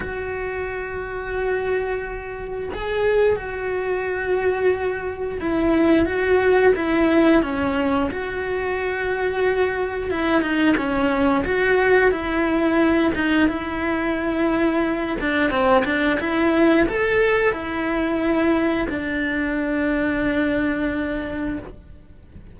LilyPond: \new Staff \with { instrumentName = "cello" } { \time 4/4 \tempo 4 = 89 fis'1 | gis'4 fis'2. | e'4 fis'4 e'4 cis'4 | fis'2. e'8 dis'8 |
cis'4 fis'4 e'4. dis'8 | e'2~ e'8 d'8 c'8 d'8 | e'4 a'4 e'2 | d'1 | }